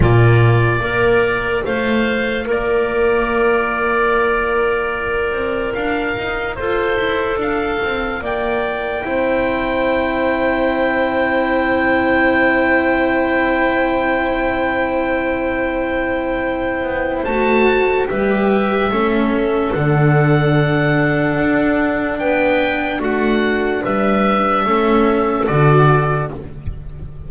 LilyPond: <<
  \new Staff \with { instrumentName = "oboe" } { \time 4/4 \tempo 4 = 73 d''2 f''4 d''4~ | d''2. f''4 | c''4 f''4 g''2~ | g''1~ |
g''1~ | g''4 a''4 e''2 | fis''2. g''4 | fis''4 e''2 d''4 | }
  \new Staff \with { instrumentName = "clarinet" } { \time 4/4 f'4 ais'4 c''4 ais'4~ | ais'1 | a'2 d''4 c''4~ | c''1~ |
c''1~ | c''2 b'4 a'4~ | a'2. b'4 | fis'4 b'4 a'2 | }
  \new Staff \with { instrumentName = "cello" } { \time 4/4 ais4 f'2.~ | f'1~ | f'2. e'4~ | e'1~ |
e'1~ | e'4 fis'4 g'4 cis'4 | d'1~ | d'2 cis'4 fis'4 | }
  \new Staff \with { instrumentName = "double bass" } { \time 4/4 ais,4 ais4 a4 ais4~ | ais2~ ais8 c'8 d'8 dis'8 | f'8 e'8 d'8 c'8 ais4 c'4~ | c'1~ |
c'1~ | c'8 b8 a4 g4 a4 | d2 d'4 b4 | a4 g4 a4 d4 | }
>>